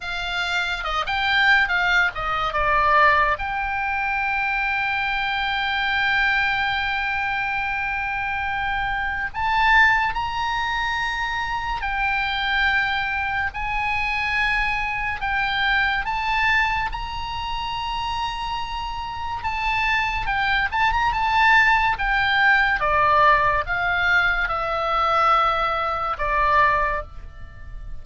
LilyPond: \new Staff \with { instrumentName = "oboe" } { \time 4/4 \tempo 4 = 71 f''4 dis''16 g''8. f''8 dis''8 d''4 | g''1~ | g''2. a''4 | ais''2 g''2 |
gis''2 g''4 a''4 | ais''2. a''4 | g''8 a''16 ais''16 a''4 g''4 d''4 | f''4 e''2 d''4 | }